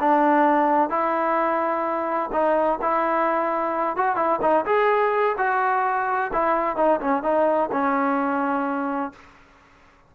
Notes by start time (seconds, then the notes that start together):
0.00 D4
0.90 E4
2.33 D#4
2.82 E4
3.97 F#4
4.16 E4
4.42 D#4
4.66 G#4
5.38 F#4
6.33 E4
6.76 D#4
7.01 C#4
7.23 D#4
7.72 C#4